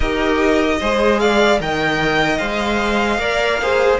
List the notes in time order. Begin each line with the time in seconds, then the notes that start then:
0.00 D#4 G4 A#4 D#5
0.80 G#3 G#4 C5
1.19 D5 F5
1.60 D#3 A#4 D#5 G5
2.38 G#3 C5 F5
3.18 A#3 A#4 D5
3.62 G#4 C5